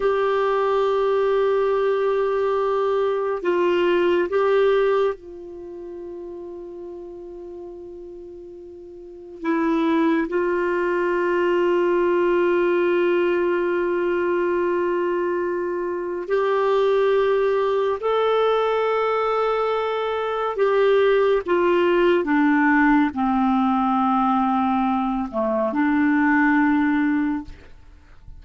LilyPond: \new Staff \with { instrumentName = "clarinet" } { \time 4/4 \tempo 4 = 70 g'1 | f'4 g'4 f'2~ | f'2. e'4 | f'1~ |
f'2. g'4~ | g'4 a'2. | g'4 f'4 d'4 c'4~ | c'4. a8 d'2 | }